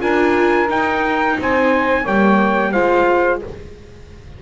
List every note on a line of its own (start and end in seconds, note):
0.00 0.69 D4
0.00 0.68 F4
0.00 1.38 A#4
0.00 0.69 G#5
0.69 1.37 D#4
0.69 2.05 D#4
0.69 1.39 G5
1.40 2.06 C4
1.40 2.03 C5
1.40 2.07 G#5
2.03 2.74 G3
2.03 2.73 A#3
2.03 2.71 C#5
2.03 2.72 G5
2.72 3.42 G#3
2.72 3.42 F4
2.72 3.40 C5
2.72 3.40 F5